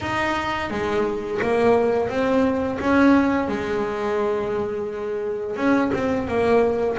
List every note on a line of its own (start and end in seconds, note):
0.01 0.70 D#4
0.70 1.40 G#3
1.41 2.09 A#3
2.09 2.78 C4
2.80 3.48 C#4
3.48 5.56 G#3
5.56 5.91 C#4
5.93 6.27 C4
6.27 6.97 A#3